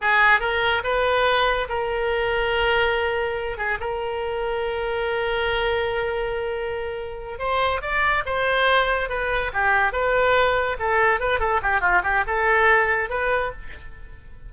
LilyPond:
\new Staff \with { instrumentName = "oboe" } { \time 4/4 \tempo 4 = 142 gis'4 ais'4 b'2 | ais'1~ | ais'8 gis'8 ais'2.~ | ais'1~ |
ais'4. c''4 d''4 c''8~ | c''4. b'4 g'4 b'8~ | b'4. a'4 b'8 a'8 g'8 | f'8 g'8 a'2 b'4 | }